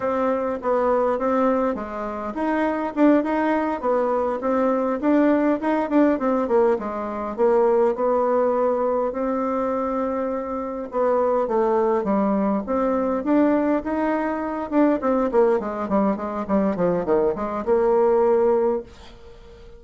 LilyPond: \new Staff \with { instrumentName = "bassoon" } { \time 4/4 \tempo 4 = 102 c'4 b4 c'4 gis4 | dis'4 d'8 dis'4 b4 c'8~ | c'8 d'4 dis'8 d'8 c'8 ais8 gis8~ | gis8 ais4 b2 c'8~ |
c'2~ c'8 b4 a8~ | a8 g4 c'4 d'4 dis'8~ | dis'4 d'8 c'8 ais8 gis8 g8 gis8 | g8 f8 dis8 gis8 ais2 | }